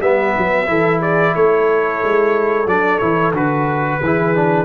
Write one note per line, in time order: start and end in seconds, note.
0.00 0.33 G3
0.00 0.66 B3
0.00 0.68 B4
0.00 1.01 E5
0.37 0.68 F#3
0.66 1.35 E3
0.66 2.66 E4
0.66 1.00 A4
1.00 1.33 G#4
1.00 1.35 D5
1.35 2.02 A3
1.35 4.01 A4
1.35 2.68 C#5
2.03 2.66 G#3
2.66 3.00 F#3
2.66 3.00 D4
2.66 2.98 D5
2.98 3.33 E3
2.98 3.33 E4
2.98 3.32 C#5
3.33 3.99 D3
3.33 4.00 F#4
3.33 4.65 B4
4.01 4.65 E3
4.01 4.35 E4
4.01 4.65 G#4
4.35 4.65 D4